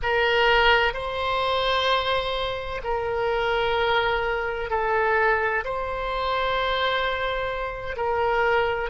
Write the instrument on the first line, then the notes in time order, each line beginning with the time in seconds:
oboe
0.02 A#4
0.93 C5
2.83 A#4
4.70 A4
5.64 C5
7.96 A#4